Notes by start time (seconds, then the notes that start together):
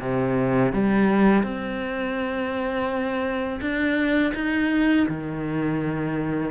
0.00 C3
0.72 G3
1.43 C4
3.60 D4
4.34 D#4
5.08 D#3